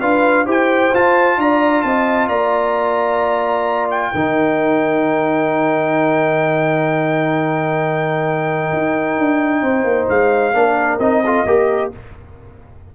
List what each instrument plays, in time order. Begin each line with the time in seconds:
0.00 tuba D4, trombone F4, horn B4, trumpet F5
0.46 tuba E4, trombone G4, horn C5, trumpet G5
0.94 tuba F4, trombone F4, trumpet A5
1.37 tuba D4, horn D5, trumpet A#5
1.82 tuba C4, horn D#5, trumpet A5
2.28 tuba A#3, horn D5, trumpet A#5
3.90 trumpet G5
4.14 tuba D#3, trombone D#4, horn A#4
8.73 tuba D#4
9.19 tuba D4
9.62 tuba C4, horn C5
9.84 tuba A#3
10.09 tuba G#3, trumpet F5
10.54 tuba A#3, trombone D4, horn A#4
10.99 tuba C4, trombone D#4, trumpet D#5
11.24 trombone F4, horn A4
11.45 tuba A#3, trombone G4, horn A#4